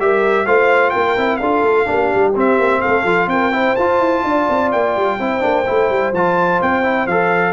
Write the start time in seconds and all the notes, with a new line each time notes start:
0.00 G3 G4 A#4 E5
0.46 A3 F4 C5 F5
0.90 A#3 A#4 G5
1.17 C4 E4
1.37 D4 F4 A4 F5
1.63 A3
1.86 A#3 D4 G4
2.15 G3
2.36 C4 E5
2.59 A#3
2.81 A3 A4 F5
3.04 F3 F4
3.27 C4 A#4 G5
3.52 E4 C5
3.76 F4 A5
3.99 E4
4.24 D4 D5
4.50 C4
4.72 A#3 G5
4.96 G3
5.19 C4 E4 C5
5.41 A#3 D4
5.66 A3 E4
5.90 G3
6.13 F3 F4 A5
6.62 C4 G5
6.83 E4
7.07 F3 A4 F5